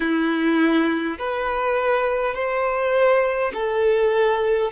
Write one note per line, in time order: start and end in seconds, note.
0.00 1.18 E4
1.18 2.34 B4
2.34 3.52 C5
3.53 4.71 A4